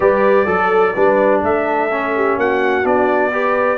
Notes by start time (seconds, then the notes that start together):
0.00 G3 G4 B4 D5
0.45 F#3 A4
0.94 G3 D4 B4
1.40 A3 A4 E5
1.90 C#4
2.15 G4
2.37 A#3 F#4 F#5
2.83 B3 D4 D5
3.31 G4 B4